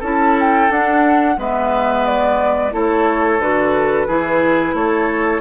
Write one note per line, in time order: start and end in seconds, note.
0.00 0.69 C#4
0.00 0.71 E4
0.00 1.35 A4
0.00 0.38 A5
0.40 0.72 G5
0.70 1.37 D4
0.70 1.38 D4
0.70 1.39 F#5
1.38 2.73 G#3
1.38 2.72 B3
1.38 2.73 B4
1.38 2.06 E5
2.06 2.73 D5
2.72 3.40 A3
2.72 3.39 E4
2.72 4.07 A4
2.72 3.41 C#5
3.40 4.07 D3
3.40 4.08 F#4
3.40 4.76 B4
4.07 4.74 E3
4.07 5.41 E4
4.07 4.75 G#4
4.74 5.41 A3
4.74 5.41 A4
4.74 5.41 C#5